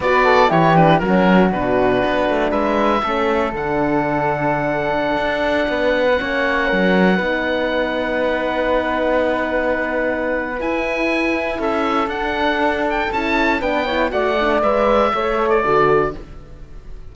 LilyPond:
<<
  \new Staff \with { instrumentName = "oboe" } { \time 4/4 \tempo 4 = 119 d''4 cis''8 b'8 ais'4 b'4~ | b'4 e''2 fis''4~ | fis''1~ | fis''1~ |
fis''1~ | fis''4 gis''2 e''4 | fis''4. g''8 a''4 g''4 | fis''4 e''4.~ e''16 d''4~ d''16 | }
  \new Staff \with { instrumentName = "flute" } { \time 4/4 b'8 a'8 g'4 fis'2~ | fis'4 b'4 a'2~ | a'2.~ a'16 b'8.~ | b'16 cis''4 ais'4 b'4.~ b'16~ |
b'1~ | b'2. a'4~ | a'2. b'8 cis''8 | d''2 cis''4 a'4 | }
  \new Staff \with { instrumentName = "horn" } { \time 4/4 fis'4 e'8 d'8 cis'4 d'4~ | d'2 cis'4 d'4~ | d'1~ | d'16 cis'2 dis'4.~ dis'16~ |
dis'1~ | dis'4 e'2. | d'2 e'4 d'8 e'8 | fis'8 d'8 b'4 a'4 fis'4 | }
  \new Staff \with { instrumentName = "cello" } { \time 4/4 b4 e4 fis4 b,4 | b8 a8 gis4 a4 d4~ | d2~ d16 d'4 b8.~ | b16 ais4 fis4 b4.~ b16~ |
b1~ | b4 e'2 cis'4 | d'2 cis'4 b4 | a4 gis4 a4 d4 | }
>>